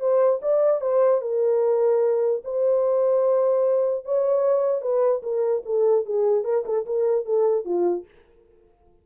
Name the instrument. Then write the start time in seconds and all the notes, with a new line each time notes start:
horn
0.00 C5
0.42 D5
0.81 C5
1.22 A#4
2.45 C5
4.05 C#5
4.82 B4
5.23 A#4
5.66 A4
6.06 G#4
6.44 A#4
6.66 A4
6.86 A#4
7.26 A4
7.65 F4